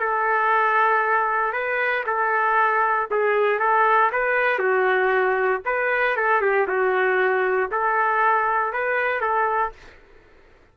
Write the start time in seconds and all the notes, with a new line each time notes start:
0.00 A4
1.53 B4
2.07 A4
3.11 G#4
3.60 A4
4.12 B4
4.59 F#4
5.65 B4
6.17 A4
6.41 G4
6.68 F#4
7.72 A4
8.73 B4
9.21 A4